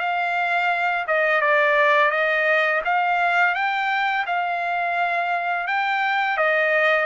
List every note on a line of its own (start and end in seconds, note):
0.00 1.06 F5
1.07 1.41 D#5
1.41 2.11 D5
2.11 2.82 D#5
2.85 3.55 F5
3.55 4.25 G5
4.26 5.67 F5
5.67 6.37 G5
6.37 7.06 D#5